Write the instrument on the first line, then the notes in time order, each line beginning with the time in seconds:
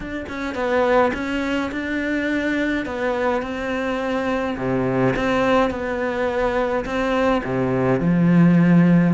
cello
0.00 D4
0.28 C#4
0.54 B3
1.13 C#4
1.71 D4
2.85 B3
3.42 C4
4.57 C3
5.16 C4
5.70 B3
6.85 C4
7.44 C3
8.00 F3